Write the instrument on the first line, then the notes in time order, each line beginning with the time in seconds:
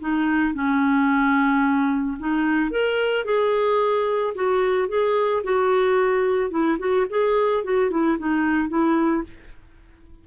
clarinet
0.00 D#4
0.54 C#4
2.19 D#4
2.71 A#4
3.25 G#4
4.35 F#4
4.88 G#4
5.44 F#4
6.51 E4
6.79 F#4
7.10 G#4
7.64 F#4
7.91 E4
8.18 D#4
8.69 E4